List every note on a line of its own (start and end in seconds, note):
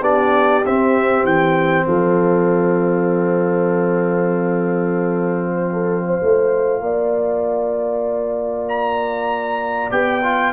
0.00 0.63 B3
0.00 0.63 D4
0.00 1.86 G4
0.00 0.65 D5
0.65 1.24 C4
0.65 6.20 C4
0.65 1.25 E5
1.24 1.86 E3
1.24 1.86 G5
1.86 6.19 F3
1.86 5.54 A4
1.86 8.66 F5
5.54 5.69 C5
5.72 6.03 A4
6.06 6.83 C5
6.20 6.80 A3
6.20 9.89 F4
6.80 9.89 A#3
6.80 10.52 D5
8.68 9.91 A#5
9.89 10.52 B3
9.89 10.20 G4
9.89 10.52 G5
10.23 10.52 F4